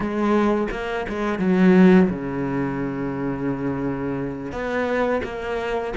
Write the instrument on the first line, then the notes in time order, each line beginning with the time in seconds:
cello
0.00 G#3
0.71 A#3
1.08 G#3
1.39 F#3
2.09 C#3
4.52 B3
5.23 A#3